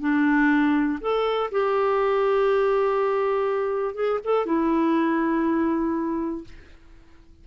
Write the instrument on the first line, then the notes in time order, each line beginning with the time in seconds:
clarinet
0.00 D4
1.01 A4
1.52 G4
3.95 G#4
4.24 A4
4.46 E4